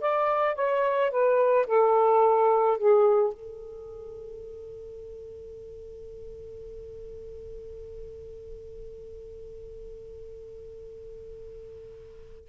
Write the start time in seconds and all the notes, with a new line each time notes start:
0.00 D5
0.55 C#5
1.11 B4
1.66 A4
2.77 G#4
3.33 A4